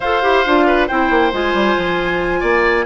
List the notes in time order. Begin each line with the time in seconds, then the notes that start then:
0.00 F4 A4 C5 F5
0.22 E4 G4
0.45 D4 F4
0.66 B4
0.87 C4 E4 C5 G5
1.10 A#3
1.32 G#3 F4 G#5
1.53 G3
1.77 F3
2.40 A#3 D5